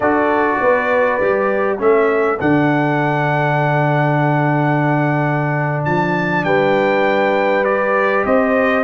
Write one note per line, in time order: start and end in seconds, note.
0.00 0.57 D4
0.00 1.21 F#4
0.00 0.59 A4
0.00 1.78 D5
0.60 1.20 B3
0.60 1.80 B4
1.21 1.79 G3
1.21 1.78 G4
1.78 2.39 A3
1.78 2.38 C#4
1.78 6.45 A4
1.78 2.40 E5
2.39 5.86 D3
2.39 7.64 D4
2.39 5.84 F#5
5.84 6.44 F3
5.84 6.44 A5
6.44 8.24 G3
6.44 8.25 B4
6.44 7.64 G5
7.64 8.83 G4
7.64 8.24 D5
8.25 8.83 C4
8.25 8.83 C5
8.25 8.83 D#5